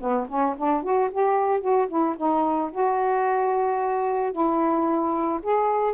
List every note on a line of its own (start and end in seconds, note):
0.00 0.27 B3
0.28 0.55 C#4
0.57 0.83 D4
0.83 1.10 F#4
1.11 1.61 G4
1.61 1.88 F#4
1.88 2.15 E4
2.17 2.71 D#4
2.72 4.32 F#4
4.32 5.40 E4
5.43 5.94 G#4